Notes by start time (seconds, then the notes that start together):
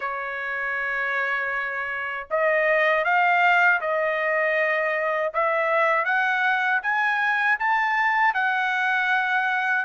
0.00 C#5
2.30 D#5
3.04 F5
3.80 D#5
5.33 E5
6.04 F#5
6.82 G#5
7.59 A5
8.33 F#5